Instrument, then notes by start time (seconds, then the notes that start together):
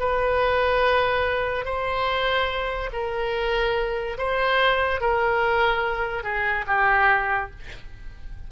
oboe
0.00 B4
1.65 C5
2.93 A#4
4.18 C5
5.01 A#4
6.23 G#4
6.67 G4